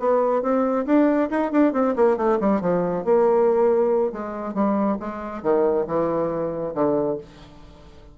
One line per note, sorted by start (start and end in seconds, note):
0.00 0.42 B3
0.42 0.86 C4
0.86 1.30 D4
1.31 1.52 D#4
1.52 1.74 D4
1.74 1.95 C4
1.96 2.17 A#3
2.17 2.39 A3
2.41 2.62 G3
2.62 3.05 F3
3.05 4.13 A#3
4.13 4.55 G#3
4.55 4.98 G3
5.00 5.43 G#3
5.43 5.87 D#3
5.88 6.75 E3
6.75 7.18 D3